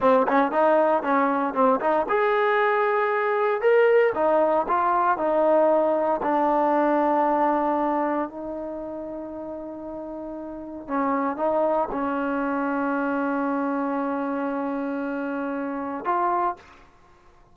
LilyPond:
\new Staff \with { instrumentName = "trombone" } { \time 4/4 \tempo 4 = 116 c'8 cis'8 dis'4 cis'4 c'8 dis'8 | gis'2. ais'4 | dis'4 f'4 dis'2 | d'1 |
dis'1~ | dis'4 cis'4 dis'4 cis'4~ | cis'1~ | cis'2. f'4 | }